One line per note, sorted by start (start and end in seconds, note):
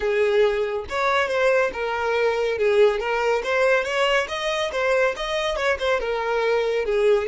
0.00 0.85 G#4
0.89 1.28 C#5
1.28 1.71 C5
1.73 2.58 A#4
2.58 2.99 G#4
2.99 3.42 A#4
3.43 3.84 C5
3.84 4.27 C#5
4.28 4.71 D#5
4.71 5.14 C5
5.16 5.56 D#5
5.56 5.77 C#5
5.79 6.00 C5
6.00 6.85 A#4
6.85 7.27 G#4